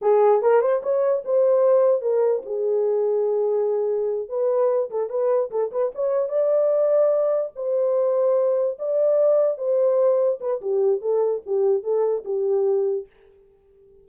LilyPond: \new Staff \with { instrumentName = "horn" } { \time 4/4 \tempo 4 = 147 gis'4 ais'8 c''8 cis''4 c''4~ | c''4 ais'4 gis'2~ | gis'2~ gis'8 b'4. | a'8 b'4 a'8 b'8 cis''4 d''8~ |
d''2~ d''8 c''4.~ | c''4. d''2 c''8~ | c''4. b'8 g'4 a'4 | g'4 a'4 g'2 | }